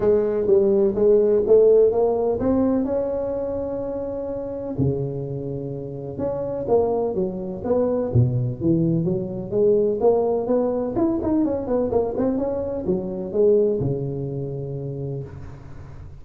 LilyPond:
\new Staff \with { instrumentName = "tuba" } { \time 4/4 \tempo 4 = 126 gis4 g4 gis4 a4 | ais4 c'4 cis'2~ | cis'2 cis2~ | cis4 cis'4 ais4 fis4 |
b4 b,4 e4 fis4 | gis4 ais4 b4 e'8 dis'8 | cis'8 b8 ais8 c'8 cis'4 fis4 | gis4 cis2. | }